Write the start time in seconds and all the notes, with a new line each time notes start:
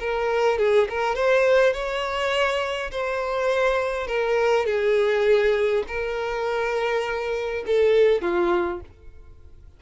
0.00 A#4
0.59 G#4
0.90 A#4
1.16 C5
1.74 C#5
2.91 C5
4.07 A#4
4.66 G#4
5.88 A#4
7.67 A4
8.22 F4